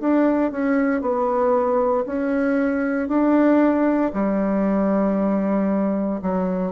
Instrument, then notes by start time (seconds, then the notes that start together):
bassoon
0.00 D4
0.51 C#4
1.01 B3
2.06 C#4
3.08 D4
4.13 G3
6.22 F#3